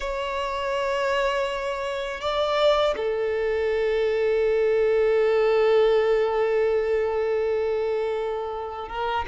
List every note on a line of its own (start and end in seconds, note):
0.00 2.21 C#5
2.21 2.95 D5
2.96 8.88 A4
8.88 9.25 A#4